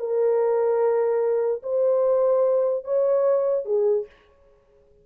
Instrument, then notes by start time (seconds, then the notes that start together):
horn
0.00 A#4
1.63 C5
2.85 C#5
3.66 G#4